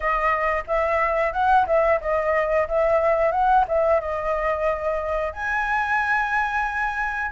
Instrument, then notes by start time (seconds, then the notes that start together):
flute
0.00 D#5
0.67 E5
1.32 F#5
1.66 E5
2.00 D#5
2.68 E5
3.31 F#5
3.68 E5
4.00 D#5
5.32 G#5